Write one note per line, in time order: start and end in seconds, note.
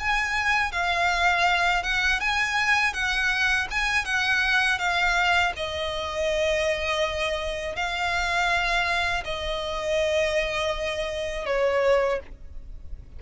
0.00 0.72 G#5
0.72 1.83 F5
1.84 2.21 F#5
2.21 2.94 G#5
2.94 3.68 F#5
3.71 4.05 G#5
4.05 4.79 F#5
4.79 5.53 F5
5.57 7.76 D#5
7.76 9.24 F5
9.25 11.46 D#5
11.46 12.20 C#5